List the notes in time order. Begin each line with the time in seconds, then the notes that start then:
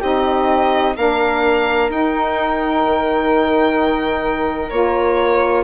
0.00 C4 D#4 G4 D#5
0.96 A#3 D4 A#4 F5
1.89 D#4 G5
2.85 D#3
4.70 A#3 F4 C#5